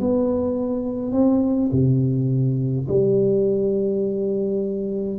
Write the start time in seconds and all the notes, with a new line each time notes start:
0.00 B3
1.12 C4
1.72 C3
2.88 G3